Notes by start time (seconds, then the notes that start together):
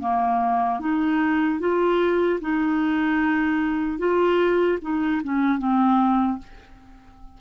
0.00 A#3
0.80 D#4
1.60 F4
2.41 D#4
3.99 F4
4.82 D#4
5.24 C#4
5.59 C4